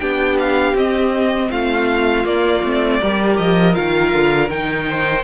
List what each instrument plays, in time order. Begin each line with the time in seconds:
0.00 cello B3, viola D4, violin G4 G5
0.40 violin F5
0.74 cello C4, viola C4, violin D#5
1.51 cello A3, violin F4 F5
2.25 viola A#3, cello A#3, violin D5
2.64 cello A3, viola C4
3.01 cello G3, viola G4, violin A#4
3.38 cello F3, violin D#5
3.74 cello D#3, viola F4, violin F5
4.14 cello D3
4.50 cello D#3, viola D#4, violin G5
4.89 violin C5